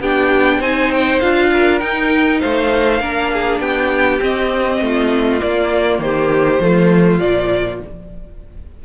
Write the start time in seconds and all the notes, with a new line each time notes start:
0.00 B3 D4 G4 G5
0.58 C4 D#4 C5 G#5
0.92 G5
1.20 D4 F4 F5
1.53 A#4
1.79 D#4 G5
2.40 A3 C5 F5
3.00 A#3 D4 A#4
3.33 G#4
3.60 B3 G4 G5
4.20 C4 D#5
4.81 A3 F4
5.40 A#3 D5
5.99 D#3 G4 C5
6.60 F3 A3 F4
7.20 A#2 F3 D5